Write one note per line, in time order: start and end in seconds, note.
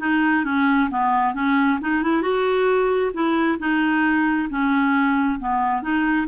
0.00 0.45 D#4
0.45 0.90 C#4
0.91 1.35 B3
1.35 1.80 C#4
1.82 2.04 D#4
2.04 2.23 E4
2.23 3.12 F#4
3.14 3.59 E4
3.59 4.49 D#4
4.50 5.39 C#4
5.40 5.82 B3
5.82 6.27 D#4